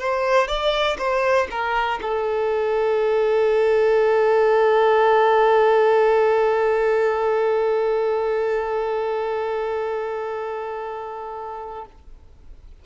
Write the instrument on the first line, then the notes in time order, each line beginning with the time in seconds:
violin
0.00 C5
0.48 D5
0.99 C5
1.51 A#4
2.02 A4